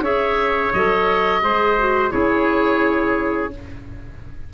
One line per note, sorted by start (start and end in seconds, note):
0.00 0.70 C#4
0.00 0.73 G#4
0.00 1.43 C#5
0.00 0.73 E5
0.73 1.43 F#3
0.73 1.42 A4
0.73 2.11 D#5
1.42 2.13 G#3
1.42 1.76 G#4
1.42 2.14 C5
1.79 2.11 F#4
2.11 3.53 C#4
2.11 3.51 E4
2.11 3.54 G#4
2.11 3.51 C#5